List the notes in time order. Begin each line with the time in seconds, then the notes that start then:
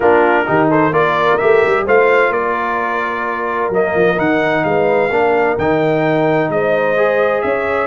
0.00 A#3 D4 F4 A#4
0.46 D#3 D#4 G4
0.69 A4 C5
0.90 A#3 F4 A#4 D5
1.37 A3 G4 E5
1.66 G3
1.85 A3 F4 C5 F5
2.30 A#3 A#4 D5
3.69 F#3 A#3 D#5
3.95 F3
4.16 D#3 D#4 F#5
4.64 G#3 B4 F5
5.10 A#3 D4 A#4
5.58 D#3 D#4 G5
6.49 G#3 C5 D#5
6.96 G#4
7.41 C#4 C#5 E5